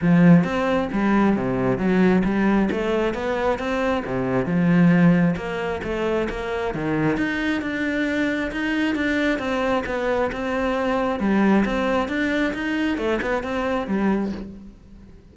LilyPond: \new Staff \with { instrumentName = "cello" } { \time 4/4 \tempo 4 = 134 f4 c'4 g4 c4 | fis4 g4 a4 b4 | c'4 c4 f2 | ais4 a4 ais4 dis4 |
dis'4 d'2 dis'4 | d'4 c'4 b4 c'4~ | c'4 g4 c'4 d'4 | dis'4 a8 b8 c'4 g4 | }